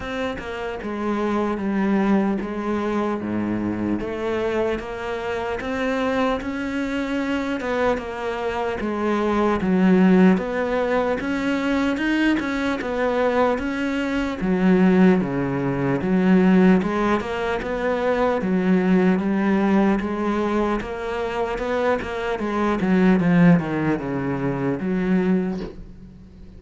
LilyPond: \new Staff \with { instrumentName = "cello" } { \time 4/4 \tempo 4 = 75 c'8 ais8 gis4 g4 gis4 | gis,4 a4 ais4 c'4 | cis'4. b8 ais4 gis4 | fis4 b4 cis'4 dis'8 cis'8 |
b4 cis'4 fis4 cis4 | fis4 gis8 ais8 b4 fis4 | g4 gis4 ais4 b8 ais8 | gis8 fis8 f8 dis8 cis4 fis4 | }